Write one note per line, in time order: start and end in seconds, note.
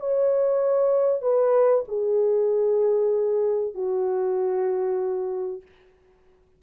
0.00 1.22 C#5
1.22 1.85 B4
1.89 3.75 G#4
3.75 5.62 F#4